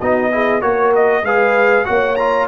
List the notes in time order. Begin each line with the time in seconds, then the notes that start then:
0.00 B3 D#4 F#4 D#5
0.32 E4 G#4
0.61 A#3 F#4 A#4 C#5
0.95 D#5
1.23 G#3 G#4 B4 F5
1.85 A#3 F#4 C#5 F#5
2.16 F4 A#5